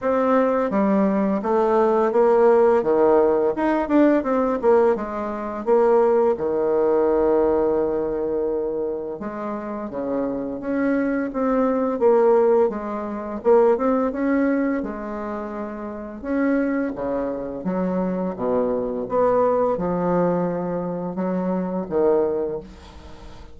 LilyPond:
\new Staff \with { instrumentName = "bassoon" } { \time 4/4 \tempo 4 = 85 c'4 g4 a4 ais4 | dis4 dis'8 d'8 c'8 ais8 gis4 | ais4 dis2.~ | dis4 gis4 cis4 cis'4 |
c'4 ais4 gis4 ais8 c'8 | cis'4 gis2 cis'4 | cis4 fis4 b,4 b4 | f2 fis4 dis4 | }